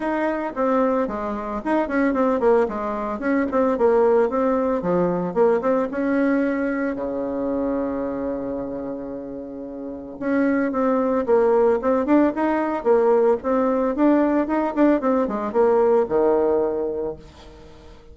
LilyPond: \new Staff \with { instrumentName = "bassoon" } { \time 4/4 \tempo 4 = 112 dis'4 c'4 gis4 dis'8 cis'8 | c'8 ais8 gis4 cis'8 c'8 ais4 | c'4 f4 ais8 c'8 cis'4~ | cis'4 cis2.~ |
cis2. cis'4 | c'4 ais4 c'8 d'8 dis'4 | ais4 c'4 d'4 dis'8 d'8 | c'8 gis8 ais4 dis2 | }